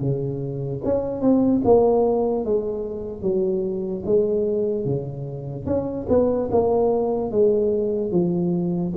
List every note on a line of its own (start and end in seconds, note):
0.00 0.81 C#3
0.84 1.21 C#4
1.21 1.61 C4
1.64 2.45 A#3
2.45 3.22 G#3
3.22 4.03 F#3
4.05 4.85 G#3
4.85 5.66 C#3
5.66 6.06 C#4
6.09 6.49 B3
6.51 7.31 A#3
7.31 8.12 G#3
8.12 8.93 F3